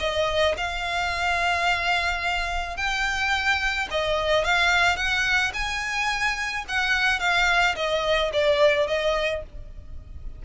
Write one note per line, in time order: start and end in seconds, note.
0.00 0.56 D#5
0.58 2.77 F5
2.77 3.88 G5
3.91 4.45 D#5
4.45 4.97 F5
4.97 5.53 F#5
5.54 6.65 G#5
6.69 7.20 F#5
7.20 7.76 F5
7.76 8.32 D#5
8.33 8.88 D5
8.88 9.43 D#5